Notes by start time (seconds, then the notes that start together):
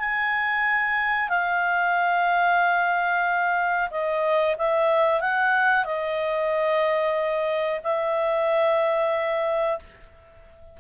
0.00 G#5
1.30 F5
3.91 D#5
4.59 E5
5.21 F#5
5.85 D#5
7.84 E5